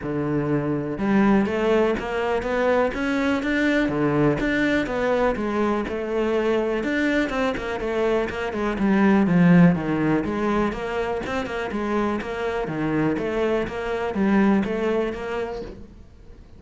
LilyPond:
\new Staff \with { instrumentName = "cello" } { \time 4/4 \tempo 4 = 123 d2 g4 a4 | ais4 b4 cis'4 d'4 | d4 d'4 b4 gis4 | a2 d'4 c'8 ais8 |
a4 ais8 gis8 g4 f4 | dis4 gis4 ais4 c'8 ais8 | gis4 ais4 dis4 a4 | ais4 g4 a4 ais4 | }